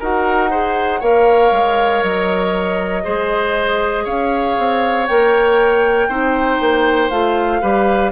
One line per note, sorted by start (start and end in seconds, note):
0.00 1.02 D#4
0.00 0.50 F#4
0.00 0.50 A#4
0.00 1.01 F#5
0.50 1.01 G#4
0.50 1.00 C5
1.00 1.51 A#3
1.00 3.03 A#4
1.00 3.03 C#5
1.00 2.03 F5
1.51 2.02 G#3
2.03 3.05 F#3
2.03 4.06 D#5
3.03 4.06 G#3
3.03 5.07 G#4
3.03 4.04 C5
4.04 4.57 C#4
4.04 6.08 C#5
4.04 5.07 F5
4.58 5.09 C4
5.07 6.08 A#3
5.07 6.10 A#4
5.07 7.10 G5
6.08 6.59 C4
6.08 7.11 D#4
6.08 7.61 C5
6.60 7.10 A#3
7.10 7.61 A3
7.10 7.62 F4
7.10 8.11 F5
7.62 8.11 G3
7.62 8.11 G4
7.62 8.11 B4